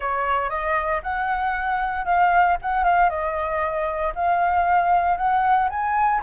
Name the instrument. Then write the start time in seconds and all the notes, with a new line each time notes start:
flute
0.00 C#5
0.49 D#5
1.02 F#5
2.05 F5
2.62 F#5
2.84 F5
3.09 D#5
4.15 F5
5.17 F#5
5.69 G#5